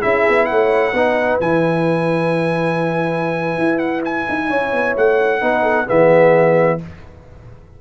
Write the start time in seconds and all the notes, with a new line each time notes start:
0.00 C#4 E4 G#4 E5
0.28 B3
0.45 A3 C#5 F#5
0.93 B3 D#4 B4
1.40 E3 E4 G#5
3.58 E4
3.78 F#5
4.04 G#5
4.29 D#4
4.48 C#4 C#5
4.72 B3
4.96 A3 F#5
5.40 B3 D#4 B4
5.62 A4
5.86 E3 B3 G#4 E5